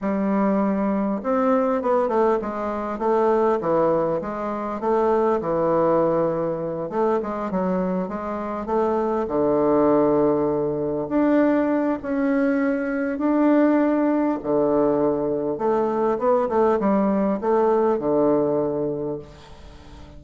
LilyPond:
\new Staff \with { instrumentName = "bassoon" } { \time 4/4 \tempo 4 = 100 g2 c'4 b8 a8 | gis4 a4 e4 gis4 | a4 e2~ e8 a8 | gis8 fis4 gis4 a4 d8~ |
d2~ d8 d'4. | cis'2 d'2 | d2 a4 b8 a8 | g4 a4 d2 | }